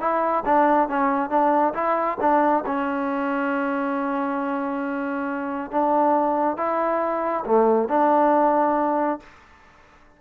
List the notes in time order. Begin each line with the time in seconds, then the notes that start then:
0.00 E4
0.45 D4
0.88 C#4
1.29 D4
1.74 E4
2.20 D4
2.66 C#4
5.71 D4
6.57 E4
7.45 A3
7.88 D4